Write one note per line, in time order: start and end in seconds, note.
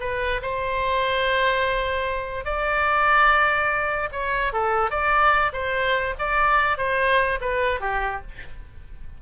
0.00 0.41 B4
0.42 2.45 C5
2.45 4.09 D5
4.12 4.53 C#5
4.53 4.91 A4
4.91 5.52 D5
5.53 6.15 C5
6.19 6.78 D5
6.78 7.39 C5
7.41 7.80 B4
7.80 8.22 G4